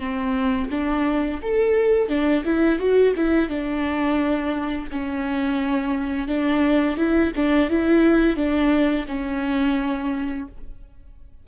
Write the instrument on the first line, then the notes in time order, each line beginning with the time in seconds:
viola
0.00 C4
0.71 D4
1.43 A4
2.09 D4
2.45 E4
2.79 F#4
3.17 E4
3.49 D4
4.92 C#4
6.28 D4
6.97 E4
7.36 D4
7.70 E4
8.37 D4
9.08 C#4